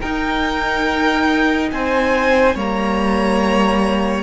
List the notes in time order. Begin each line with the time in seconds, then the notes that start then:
0.00 D#4 A#4 G5
1.71 C4 C5 G#5
2.55 G3 A#3 C#5 A#5